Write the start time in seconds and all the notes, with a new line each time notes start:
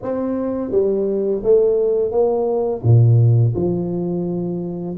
0.02 C4
0.71 G3
1.43 A3
2.11 A#3
2.83 A#2
3.55 F3